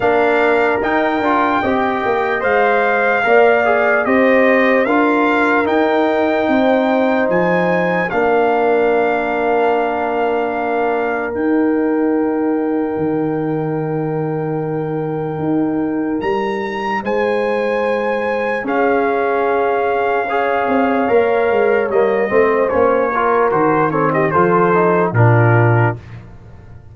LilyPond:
<<
  \new Staff \with { instrumentName = "trumpet" } { \time 4/4 \tempo 4 = 74 f''4 g''2 f''4~ | f''4 dis''4 f''4 g''4~ | g''4 gis''4 f''2~ | f''2 g''2~ |
g''1 | ais''4 gis''2 f''4~ | f''2. dis''4 | cis''4 c''8 cis''16 dis''16 c''4 ais'4 | }
  \new Staff \with { instrumentName = "horn" } { \time 4/4 ais'2 dis''2 | d''4 c''4 ais'2 | c''2 ais'2~ | ais'1~ |
ais'1~ | ais'4 c''2 gis'4~ | gis'4 cis''2~ cis''8 c''8~ | c''8 ais'4 a'16 g'16 a'4 f'4 | }
  \new Staff \with { instrumentName = "trombone" } { \time 4/4 d'4 dis'8 f'8 g'4 c''4 | ais'8 gis'8 g'4 f'4 dis'4~ | dis'2 d'2~ | d'2 dis'2~ |
dis'1~ | dis'2. cis'4~ | cis'4 gis'4 ais'4 ais8 c'8 | cis'8 f'8 fis'8 c'8 f'8 dis'8 d'4 | }
  \new Staff \with { instrumentName = "tuba" } { \time 4/4 ais4 dis'8 d'8 c'8 ais8 gis4 | ais4 c'4 d'4 dis'4 | c'4 f4 ais2~ | ais2 dis'2 |
dis2. dis'4 | g4 gis2 cis'4~ | cis'4. c'8 ais8 gis8 g8 a8 | ais4 dis4 f4 ais,4 | }
>>